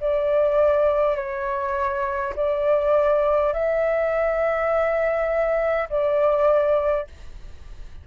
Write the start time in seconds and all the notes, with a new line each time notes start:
0.00 D5
1.16 C#5
2.35 D5
3.53 E5
5.89 D5